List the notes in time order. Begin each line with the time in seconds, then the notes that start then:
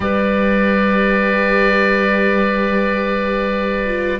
0.00 G3 G4 B4 D5
3.85 F4